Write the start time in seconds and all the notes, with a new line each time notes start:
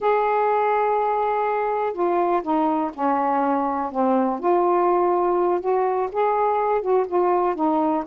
0.00 G#4
1.93 F4
2.42 D#4
2.94 C#4
3.91 C4
4.39 F4
5.60 F#4
6.12 G#4
6.81 F#4
7.07 F4
7.55 D#4